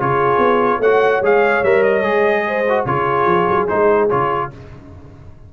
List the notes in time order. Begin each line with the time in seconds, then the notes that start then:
0.00 C#3 F4 G#4 C#5
0.38 B3
0.79 A3 F#4 C#5 F#5
1.22 G#3 G#4 F5
1.63 G3 A#4 E5
1.83 D#5
2.02 G#3 G#4
2.47 C5
2.69 F#4
2.85 C#3 F4 G#4 C#5
3.26 F3
3.49 F#3
3.68 G#3 D#4 C5
4.10 C#3 F4 C#5